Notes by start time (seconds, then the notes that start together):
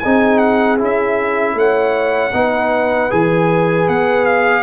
0.00 C4 D#4 G#4 G#5
0.39 F#5
0.79 C#4 E4 E5
1.55 A3 C#5 F#5
2.34 B3 D#4 B4
3.11 E3 G#4 G#5
3.89 B3 F#5
4.26 F5